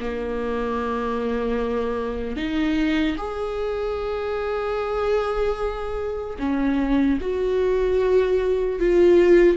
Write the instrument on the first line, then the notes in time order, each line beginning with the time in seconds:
viola
0.00 A#3
2.36 D#4
3.17 G#4
6.39 C#4
7.21 F#4
8.79 F4